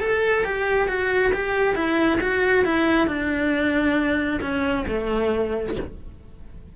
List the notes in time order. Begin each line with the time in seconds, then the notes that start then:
0.00 A4
0.44 G4
0.88 F#4
1.33 G4
1.75 E4
2.21 F#4
2.65 E4
3.07 D4
4.41 C#4
4.87 A3